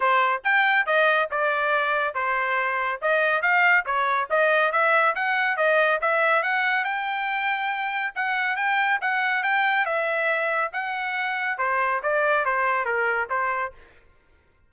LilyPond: \new Staff \with { instrumentName = "trumpet" } { \time 4/4 \tempo 4 = 140 c''4 g''4 dis''4 d''4~ | d''4 c''2 dis''4 | f''4 cis''4 dis''4 e''4 | fis''4 dis''4 e''4 fis''4 |
g''2. fis''4 | g''4 fis''4 g''4 e''4~ | e''4 fis''2 c''4 | d''4 c''4 ais'4 c''4 | }